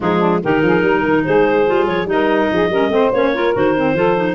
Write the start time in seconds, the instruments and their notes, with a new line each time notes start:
0.00 tuba F3, clarinet G#3 G#4, saxophone D#4
0.18 saxophone D4
0.43 tuba D#3, clarinet D#4 A#4, saxophone G4
0.62 tuba F3, saxophone G#4
0.82 tuba G3, saxophone A#4
1.03 tuba D#3
1.24 tuba G#3, saxophone G#4, clarinet C5
1.66 tuba G3, clarinet F4
1.87 tuba F3, clarinet C#5
2.04 tuba G3, clarinet D#4 D#5
2.11 saxophone A#4
2.52 tuba F3, saxophone G#4
2.69 tuba G3, clarinet C#4, saxophone A#4
2.88 tuba A3, clarinet C4, saxophone C5
3.12 tuba A#3, clarinet C#4 C#5
3.33 clarinet F4, saxophone A#4
3.53 tuba D#3, clarinet F#4 C5
3.76 clarinet C4
3.93 tuba F3, clarinet F4, saxophone A4
4.15 clarinet D#4